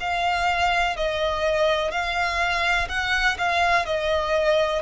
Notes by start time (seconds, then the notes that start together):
0.00 F5
0.96 D#5
1.91 F5
2.89 F#5
3.38 F5
3.85 D#5